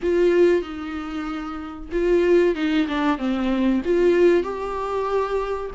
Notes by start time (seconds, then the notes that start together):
0.02 F4
0.62 D#4
1.91 F4
2.55 D#4
2.88 D4
3.17 C4
3.84 F4
4.43 G4